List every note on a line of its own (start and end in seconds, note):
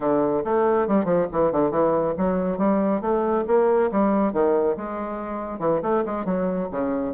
0.00 0.43 D3
0.44 0.87 A3
0.87 1.05 G3
1.05 1.26 F3
1.32 1.51 E3
1.51 1.70 D3
1.70 2.13 E3
2.17 2.58 F#3
2.58 3.01 G3
3.01 3.44 A3
3.47 3.90 A#3
3.91 4.32 G3
4.32 4.76 D#3
4.76 5.59 G#3
5.59 5.81 E3
5.82 6.04 A3
6.05 6.25 G#3
6.25 6.68 F#3
6.71 7.14 C#3